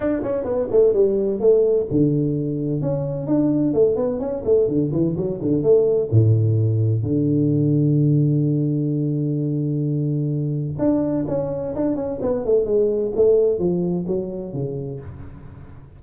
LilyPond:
\new Staff \with { instrumentName = "tuba" } { \time 4/4 \tempo 4 = 128 d'8 cis'8 b8 a8 g4 a4 | d2 cis'4 d'4 | a8 b8 cis'8 a8 d8 e8 fis8 d8 | a4 a,2 d4~ |
d1~ | d2. d'4 | cis'4 d'8 cis'8 b8 a8 gis4 | a4 f4 fis4 cis4 | }